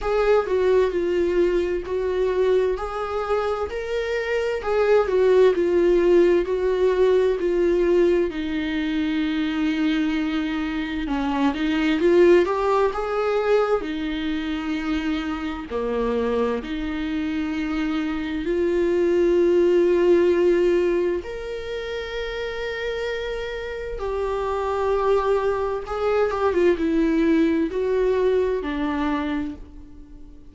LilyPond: \new Staff \with { instrumentName = "viola" } { \time 4/4 \tempo 4 = 65 gis'8 fis'8 f'4 fis'4 gis'4 | ais'4 gis'8 fis'8 f'4 fis'4 | f'4 dis'2. | cis'8 dis'8 f'8 g'8 gis'4 dis'4~ |
dis'4 ais4 dis'2 | f'2. ais'4~ | ais'2 g'2 | gis'8 g'16 f'16 e'4 fis'4 d'4 | }